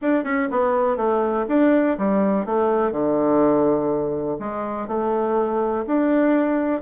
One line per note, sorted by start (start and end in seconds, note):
0.01 0.24 D4
0.24 0.48 C#4
0.50 0.96 B3
0.96 1.45 A3
1.48 1.97 D4
1.98 2.45 G3
2.45 2.91 A3
2.91 4.38 D3
4.39 4.87 G#3
4.87 5.85 A3
5.87 6.81 D4